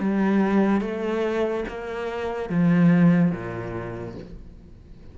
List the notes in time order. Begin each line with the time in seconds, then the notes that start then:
0.00 G3
0.81 A3
1.69 A#3
2.50 F3
3.32 A#2